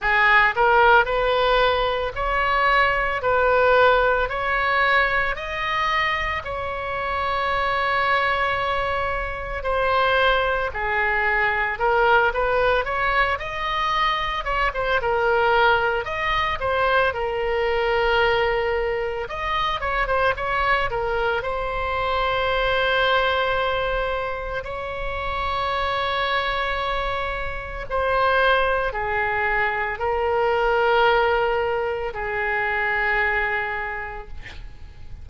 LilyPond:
\new Staff \with { instrumentName = "oboe" } { \time 4/4 \tempo 4 = 56 gis'8 ais'8 b'4 cis''4 b'4 | cis''4 dis''4 cis''2~ | cis''4 c''4 gis'4 ais'8 b'8 | cis''8 dis''4 cis''16 c''16 ais'4 dis''8 c''8 |
ais'2 dis''8 cis''16 c''16 cis''8 ais'8 | c''2. cis''4~ | cis''2 c''4 gis'4 | ais'2 gis'2 | }